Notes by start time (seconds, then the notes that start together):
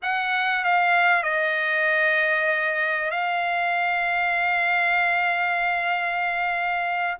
0.02 F#5
0.64 F5
1.23 D#5
3.11 F5